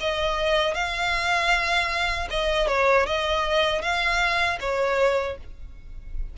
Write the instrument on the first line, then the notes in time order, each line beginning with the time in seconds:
violin
0.00 D#5
0.74 F5
2.30 D#5
2.67 C#5
3.06 D#5
3.81 F5
4.60 C#5